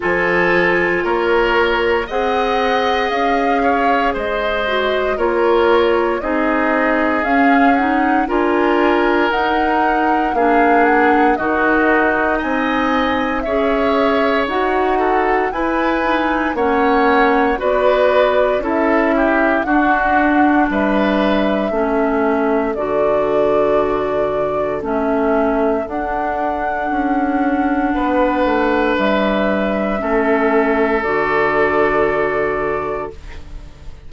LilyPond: <<
  \new Staff \with { instrumentName = "flute" } { \time 4/4 \tempo 4 = 58 gis''4 cis''4 fis''4 f''4 | dis''4 cis''4 dis''4 f''8 fis''8 | gis''4 fis''4 f''8 fis''8 dis''4 | gis''4 e''4 fis''4 gis''4 |
fis''4 d''4 e''4 fis''4 | e''2 d''2 | e''4 fis''2. | e''2 d''2 | }
  \new Staff \with { instrumentName = "oboe" } { \time 4/4 a'4 ais'4 dis''4. cis''8 | c''4 ais'4 gis'2 | ais'2 gis'4 fis'4 | dis''4 cis''4. a'8 b'4 |
cis''4 b'4 a'8 g'8 fis'4 | b'4 a'2.~ | a'2. b'4~ | b'4 a'2. | }
  \new Staff \with { instrumentName = "clarinet" } { \time 4/4 f'2 gis'2~ | gis'8 fis'8 f'4 dis'4 cis'8 dis'8 | f'4 dis'4 d'4 dis'4~ | dis'4 gis'4 fis'4 e'8 dis'8 |
cis'4 fis'4 e'4 d'4~ | d'4 cis'4 fis'2 | cis'4 d'2.~ | d'4 cis'4 fis'2 | }
  \new Staff \with { instrumentName = "bassoon" } { \time 4/4 f4 ais4 c'4 cis'4 | gis4 ais4 c'4 cis'4 | d'4 dis'4 ais4 dis4 | c'4 cis'4 dis'4 e'4 |
ais4 b4 cis'4 d'4 | g4 a4 d2 | a4 d'4 cis'4 b8 a8 | g4 a4 d2 | }
>>